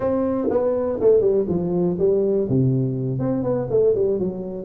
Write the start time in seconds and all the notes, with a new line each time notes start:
0.00 C4
0.50 B3
1.00 A3
1.20 G3
1.48 F3
1.99 G3
2.49 C3
3.19 C4
3.43 B3
3.70 A3
3.94 G3
4.19 F#3